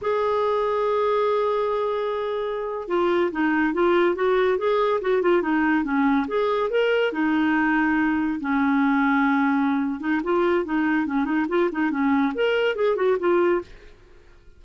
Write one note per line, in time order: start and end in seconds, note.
0.01 2.88 G#4
2.88 3.30 F4
3.31 3.73 D#4
3.73 4.15 F4
4.15 4.57 F#4
4.57 5.00 G#4
5.01 5.21 F#4
5.21 5.42 F4
5.42 5.83 D#4
5.83 6.26 C#4
6.27 6.70 G#4
6.70 7.12 A#4
7.12 8.39 D#4
8.40 10.00 C#4
10.00 10.21 D#4
10.23 10.64 F4
10.64 11.06 D#4
11.06 11.25 C#4
11.25 11.46 D#4
11.48 11.69 F4
11.71 11.91 D#4
11.91 12.33 C#4
12.34 12.75 A#4
12.75 12.96 G#4
12.96 13.17 F#4
13.19 13.61 F4